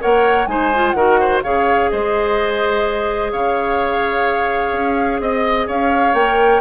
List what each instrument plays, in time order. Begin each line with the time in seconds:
0.00 bassoon A#3, clarinet A#4, oboe C#5, flute F#5
0.46 bassoon G#3, clarinet D#4, oboe C5, flute G#5
0.74 clarinet F4
0.91 bassoon D#3, clarinet F#4, oboe A#4, flute F#5
1.19 oboe C5
1.43 bassoon C#3, clarinet G#4, oboe C#5, flute F5
1.89 bassoon G#3, oboe C5, flute D#5
3.31 bassoon C#3, oboe C#5, flute F5
4.71 bassoon C#4
5.19 bassoon C4, flute D#5, oboe D#5
5.67 bassoon C#4, oboe C#5, flute F5
6.13 bassoon A#3, clarinet A#4, flute G5